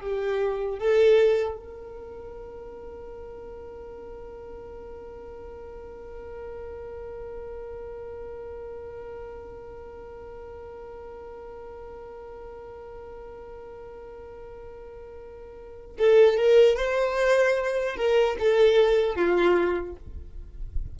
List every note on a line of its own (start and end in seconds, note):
0.00 0.79 G4
0.79 1.56 A4
1.56 15.96 A#4
15.99 16.37 A4
16.37 16.77 A#4
16.77 17.96 C5
17.96 18.36 A#4
18.39 19.16 A4
19.16 19.96 F4